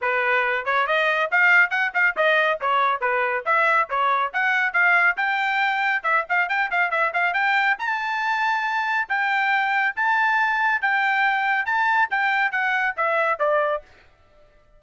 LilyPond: \new Staff \with { instrumentName = "trumpet" } { \time 4/4 \tempo 4 = 139 b'4. cis''8 dis''4 f''4 | fis''8 f''8 dis''4 cis''4 b'4 | e''4 cis''4 fis''4 f''4 | g''2 e''8 f''8 g''8 f''8 |
e''8 f''8 g''4 a''2~ | a''4 g''2 a''4~ | a''4 g''2 a''4 | g''4 fis''4 e''4 d''4 | }